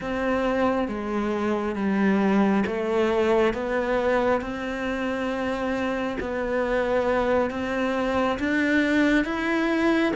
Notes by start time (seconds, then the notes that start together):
0.00 C4
0.88 G#3
1.75 G3
2.66 A3
3.53 B3
4.41 C4
6.20 B3
7.50 C4
8.39 D4
9.24 E4